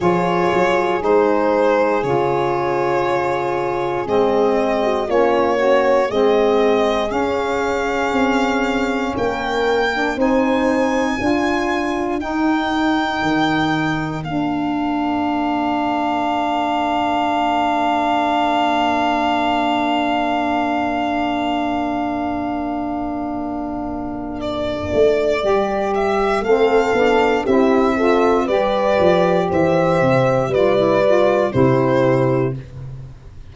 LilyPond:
<<
  \new Staff \with { instrumentName = "violin" } { \time 4/4 \tempo 4 = 59 cis''4 c''4 cis''2 | dis''4 cis''4 dis''4 f''4~ | f''4 g''4 gis''2 | g''2 f''2~ |
f''1~ | f''1 | d''4. e''8 f''4 e''4 | d''4 e''4 d''4 c''4 | }
  \new Staff \with { instrumentName = "horn" } { \time 4/4 gis'1~ | gis'8. fis'16 f'8 cis'8 gis'2~ | gis'4 ais'4 c''4 ais'4~ | ais'1~ |
ais'1~ | ais'1~ | ais'2 a'4 g'8 a'8 | b'4 c''4 b'4 g'4 | }
  \new Staff \with { instrumentName = "saxophone" } { \time 4/4 f'4 dis'4 f'2 | c'4 cis'8 fis'8 c'4 cis'4~ | cis'4.~ cis'16 d'16 dis'4 f'4 | dis'2 d'2~ |
d'1~ | d'1~ | d'4 g'4 c'8 d'8 e'8 f'8 | g'2 f'16 e'16 f'8 e'4 | }
  \new Staff \with { instrumentName = "tuba" } { \time 4/4 f8 fis8 gis4 cis2 | gis4 ais4 gis4 cis'4 | c'4 ais4 c'4 d'4 | dis'4 dis4 ais2~ |
ais1~ | ais1~ | ais8 a8 g4 a8 b8 c'4 | g8 f8 e8 c8 g4 c4 | }
>>